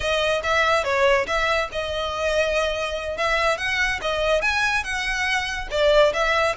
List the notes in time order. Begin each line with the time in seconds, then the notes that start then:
0.00 D#5
0.43 E5
0.84 C#5
1.26 E5
1.72 D#5
3.17 E5
3.57 F#5
4.01 D#5
4.41 G#5
4.83 F#5
5.70 D5
6.13 E5